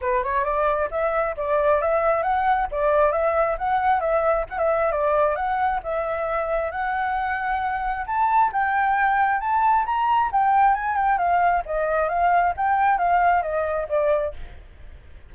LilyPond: \new Staff \with { instrumentName = "flute" } { \time 4/4 \tempo 4 = 134 b'8 cis''8 d''4 e''4 d''4 | e''4 fis''4 d''4 e''4 | fis''4 e''4 fis''16 e''8. d''4 | fis''4 e''2 fis''4~ |
fis''2 a''4 g''4~ | g''4 a''4 ais''4 g''4 | gis''8 g''8 f''4 dis''4 f''4 | g''4 f''4 dis''4 d''4 | }